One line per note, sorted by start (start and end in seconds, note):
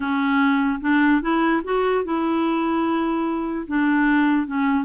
0.00 0.79 C#4
0.81 1.21 D4
1.21 1.62 E4
1.64 2.04 F#4
2.04 3.66 E4
3.67 4.46 D4
4.46 4.84 C#4